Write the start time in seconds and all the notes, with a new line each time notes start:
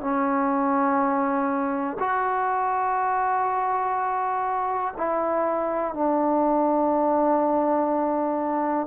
0.00 C#4
1.99 F#4
4.97 E4
5.94 D4